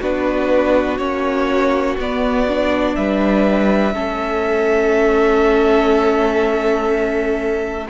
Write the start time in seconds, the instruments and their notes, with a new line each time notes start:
0.00 cello B3, viola D4, violin F#4 B4
0.98 cello A#3, viola C#4, violin C#5
1.97 cello B3, viola B3, violin D5
2.48 viola D4
2.95 cello G3, violin B4 E5
3.93 cello A3, viola C#4, violin A4